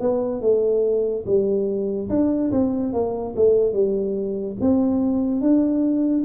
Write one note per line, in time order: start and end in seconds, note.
0.00 0.41 B3
0.41 1.25 A3
1.26 2.09 G3
2.09 2.51 D4
2.52 2.93 C4
2.93 3.34 A#3
3.36 3.73 A3
3.73 4.56 G3
4.61 5.41 C4
5.41 6.24 D4